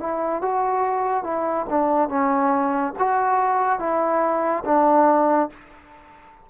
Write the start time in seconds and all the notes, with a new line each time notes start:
0.00 E4
0.41 F#4
1.24 E4
1.69 D4
2.09 C#4
2.99 F#4
3.79 E4
4.65 D4